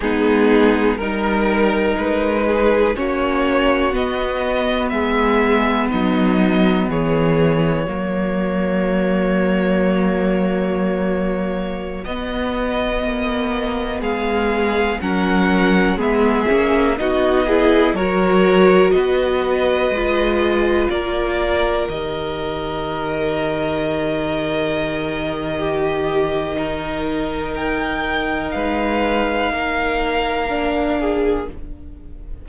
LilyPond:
<<
  \new Staff \with { instrumentName = "violin" } { \time 4/4 \tempo 4 = 61 gis'4 ais'4 b'4 cis''4 | dis''4 e''4 dis''4 cis''4~ | cis''1~ | cis''16 dis''2 f''4 fis''8.~ |
fis''16 e''4 dis''4 cis''4 dis''8.~ | dis''4~ dis''16 d''4 dis''4.~ dis''16~ | dis''1 | g''4 f''2. | }
  \new Staff \with { instrumentName = "violin" } { \time 4/4 dis'4 ais'4. gis'8 fis'4~ | fis'4 gis'4 dis'4 gis'4 | fis'1~ | fis'2~ fis'16 gis'4 ais'8.~ |
ais'16 gis'4 fis'8 gis'8 ais'4 b'8.~ | b'4~ b'16 ais'2~ ais'8.~ | ais'2 g'4 ais'4~ | ais'4 b'4 ais'4. gis'8 | }
  \new Staff \with { instrumentName = "viola" } { \time 4/4 b4 dis'2 cis'4 | b1 | ais1~ | ais16 b2. cis'8.~ |
cis'16 b8 cis'8 dis'8 e'8 fis'4.~ fis'16~ | fis'16 f'2 g'4.~ g'16~ | g'2. dis'4~ | dis'2. d'4 | }
  \new Staff \with { instrumentName = "cello" } { \time 4/4 gis4 g4 gis4 ais4 | b4 gis4 fis4 e4 | fis1~ | fis16 b4 ais4 gis4 fis8.~ |
fis16 gis8 ais8 b4 fis4 b8.~ | b16 gis4 ais4 dis4.~ dis16~ | dis1~ | dis4 gis4 ais2 | }
>>